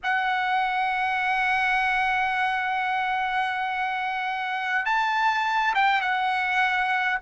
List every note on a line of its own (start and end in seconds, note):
0.03 4.85 F#5
4.85 5.74 A5
5.74 6.01 G5
6.01 7.18 F#5